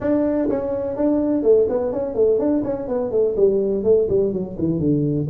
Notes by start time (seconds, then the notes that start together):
0.00 D4
0.49 C#4
0.96 D4
1.42 A3
1.68 B3
1.92 C#4
2.14 A3
2.38 D4
2.64 C#4
2.88 B3
3.11 A3
3.36 G3
3.83 A3
4.09 G3
4.32 F#3
4.58 E3
4.79 D3